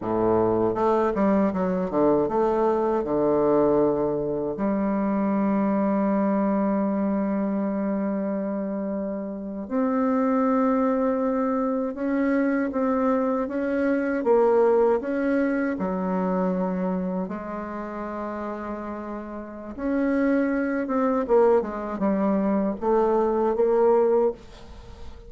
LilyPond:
\new Staff \with { instrumentName = "bassoon" } { \time 4/4 \tempo 4 = 79 a,4 a8 g8 fis8 d8 a4 | d2 g2~ | g1~ | g8. c'2. cis'16~ |
cis'8. c'4 cis'4 ais4 cis'16~ | cis'8. fis2 gis4~ gis16~ | gis2 cis'4. c'8 | ais8 gis8 g4 a4 ais4 | }